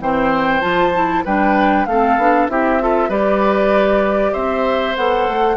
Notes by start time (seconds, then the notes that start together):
0.00 E3 C4 C5 G5
0.61 F3 F4 A5
0.94 E4
1.25 G3 D4 B4 G5
1.86 A3 C4 A4 F5
2.17 B3 D4
2.49 C4 E4 G4 E5
2.80 F4 A4
3.09 G3 G4 B4 D5
4.33 C4 C5 E5
4.96 B3 A4 F#5
5.28 A3